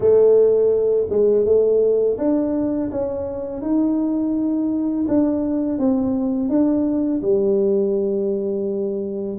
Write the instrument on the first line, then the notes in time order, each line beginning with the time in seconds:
tuba
0.00 A3
1.09 G#3
1.45 A3
2.18 D4
2.91 C#4
3.61 D#4
5.08 D4
5.78 C4
6.49 D4
7.21 G3